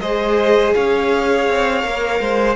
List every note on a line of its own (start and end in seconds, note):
0.00 0.74 G#3
0.00 1.82 G#4
0.00 0.74 C5
0.00 0.73 D#5
0.74 1.48 C#4
0.74 2.21 C#5
0.74 2.55 F5
1.48 1.84 C4
1.82 2.20 A#3
1.82 2.55 A#4
2.20 2.55 G#3
2.20 2.55 C5